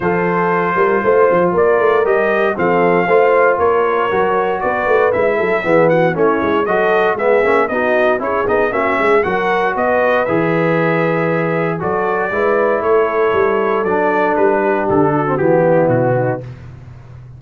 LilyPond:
<<
  \new Staff \with { instrumentName = "trumpet" } { \time 4/4 \tempo 4 = 117 c''2. d''4 | dis''4 f''2 cis''4~ | cis''4 d''4 e''4. fis''8 | cis''4 dis''4 e''4 dis''4 |
cis''8 dis''8 e''4 fis''4 dis''4 | e''2. d''4~ | d''4 cis''2 d''4 | b'4 a'4 g'4 fis'4 | }
  \new Staff \with { instrumentName = "horn" } { \time 4/4 a'4. ais'8 c''4 ais'4~ | ais'4 a'4 c''4 ais'4~ | ais'4 b'4. a'8 gis'8 fis'8 | e'4 a'4 gis'4 fis'4 |
gis'4 fis'8 gis'8 ais'4 b'4~ | b'2. a'4 | b'4 a'2.~ | a'8 g'4 fis'4 e'4 dis'8 | }
  \new Staff \with { instrumentName = "trombone" } { \time 4/4 f'1 | g'4 c'4 f'2 | fis'2 e'4 b4 | cis'4 fis'4 b8 cis'8 dis'4 |
e'8 dis'8 cis'4 fis'2 | gis'2. fis'4 | e'2. d'4~ | d'4.~ d'16 c'16 b2 | }
  \new Staff \with { instrumentName = "tuba" } { \time 4/4 f4. g8 a8 f8 ais8 a8 | g4 f4 a4 ais4 | fis4 b8 a8 gis8 fis8 e4 | a8 gis8 fis4 gis8 ais8 b4 |
cis'8 b8 ais8 gis8 fis4 b4 | e2. fis4 | gis4 a4 g4 fis4 | g4 d4 e4 b,4 | }
>>